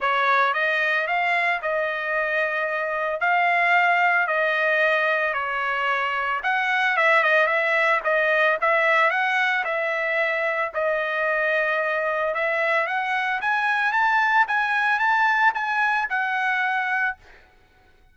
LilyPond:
\new Staff \with { instrumentName = "trumpet" } { \time 4/4 \tempo 4 = 112 cis''4 dis''4 f''4 dis''4~ | dis''2 f''2 | dis''2 cis''2 | fis''4 e''8 dis''8 e''4 dis''4 |
e''4 fis''4 e''2 | dis''2. e''4 | fis''4 gis''4 a''4 gis''4 | a''4 gis''4 fis''2 | }